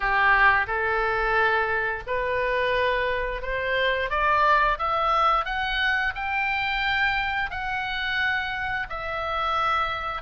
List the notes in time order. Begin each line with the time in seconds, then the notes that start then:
0.00 G4
0.67 A4
2.06 B4
3.42 C5
4.09 D5
4.78 E5
5.45 F#5
6.15 G5
7.50 F#5
8.89 E5